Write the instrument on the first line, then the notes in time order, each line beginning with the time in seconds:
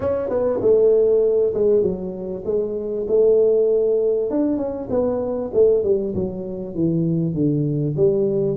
tuba
0.00 C#4
0.29 B3
0.61 A3
1.54 G#3
1.82 F#3
2.45 G#3
3.08 A3
4.30 D4
4.57 C#4
4.90 B3
5.53 A3
5.83 G3
6.14 F#3
6.74 E3
7.33 D3
7.96 G3